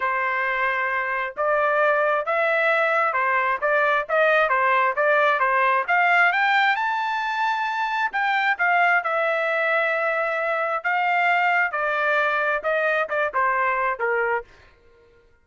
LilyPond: \new Staff \with { instrumentName = "trumpet" } { \time 4/4 \tempo 4 = 133 c''2. d''4~ | d''4 e''2 c''4 | d''4 dis''4 c''4 d''4 | c''4 f''4 g''4 a''4~ |
a''2 g''4 f''4 | e''1 | f''2 d''2 | dis''4 d''8 c''4. ais'4 | }